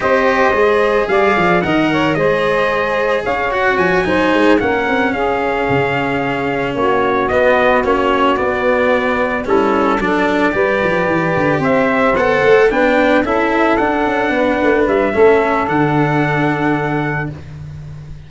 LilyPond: <<
  \new Staff \with { instrumentName = "trumpet" } { \time 4/4 \tempo 4 = 111 dis''2 f''4 fis''4 | dis''2 f''8 fis''8 gis''4~ | gis''8 fis''4 f''2~ f''8~ | f''8 cis''4 dis''4 cis''4 d''8~ |
d''4. a'4 d''4.~ | d''4. e''4 fis''4 g''8~ | g''8 e''4 fis''2 e''8~ | e''4 fis''2. | }
  \new Staff \with { instrumentName = "saxophone" } { \time 4/4 c''2 d''4 dis''8 cis''8 | c''2 cis''4. c''8~ | c''8 ais'4 gis'2~ gis'8~ | gis'8 fis'2.~ fis'8~ |
fis'4. e'4 a'4 b'8~ | b'4. c''2 b'8~ | b'8 a'2 b'4. | a'1 | }
  \new Staff \with { instrumentName = "cello" } { \time 4/4 g'4 gis'2 ais'4 | gis'2~ gis'8 fis'4 dis'8~ | dis'8 cis'2.~ cis'8~ | cis'4. b4 cis'4 b8~ |
b4. cis'4 d'4 g'8~ | g'2~ g'8 a'4 d'8~ | d'8 e'4 d'2~ d'8 | cis'4 d'2. | }
  \new Staff \with { instrumentName = "tuba" } { \time 4/4 c'4 gis4 g8 f8 dis4 | gis2 cis'4 f8 fis8 | gis8 ais8 c'8 cis'4 cis4.~ | cis8 ais4 b4 ais4 b8~ |
b4. g4 fis4 g8 | f8 e8 d8 c'4 b8 a8 b8~ | b8 cis'4 d'8 cis'8 b8 a8 g8 | a4 d2. | }
>>